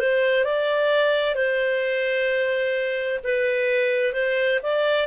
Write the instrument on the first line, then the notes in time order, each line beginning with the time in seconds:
clarinet
0.00 C5
0.45 D5
1.36 C5
3.24 B4
4.14 C5
4.63 D5